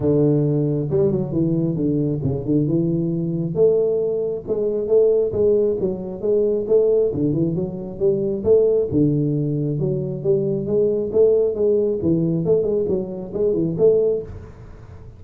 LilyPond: \new Staff \with { instrumentName = "tuba" } { \time 4/4 \tempo 4 = 135 d2 g8 fis8 e4 | d4 cis8 d8 e2 | a2 gis4 a4 | gis4 fis4 gis4 a4 |
d8 e8 fis4 g4 a4 | d2 fis4 g4 | gis4 a4 gis4 e4 | a8 gis8 fis4 gis8 e8 a4 | }